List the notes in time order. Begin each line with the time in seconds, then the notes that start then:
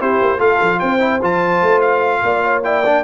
0.00 C4 E4 G4 C5
0.21 A#3
0.38 A3 F4 A4 F5
0.61 F3
0.79 C4 C5 G5
0.99 E4
1.22 F3 F4 A5
1.62 A3
1.81 F5
2.23 A#3 D5
2.44 C#5
2.64 E4 D5 G5
2.86 D4